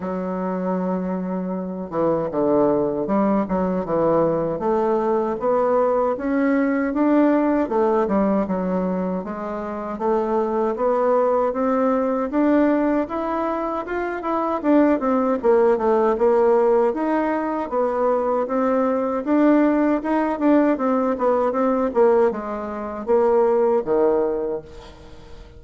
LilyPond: \new Staff \with { instrumentName = "bassoon" } { \time 4/4 \tempo 4 = 78 fis2~ fis8 e8 d4 | g8 fis8 e4 a4 b4 | cis'4 d'4 a8 g8 fis4 | gis4 a4 b4 c'4 |
d'4 e'4 f'8 e'8 d'8 c'8 | ais8 a8 ais4 dis'4 b4 | c'4 d'4 dis'8 d'8 c'8 b8 | c'8 ais8 gis4 ais4 dis4 | }